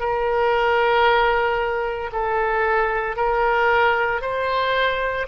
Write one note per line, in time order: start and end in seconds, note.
0.00 2.11 A#4
2.12 3.16 A4
3.16 4.22 A#4
4.22 5.27 C5